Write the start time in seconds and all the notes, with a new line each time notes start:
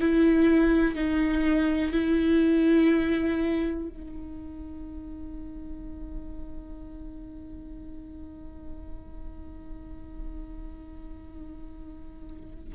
0.00 E4
0.95 D#4
1.92 E4
3.89 D#4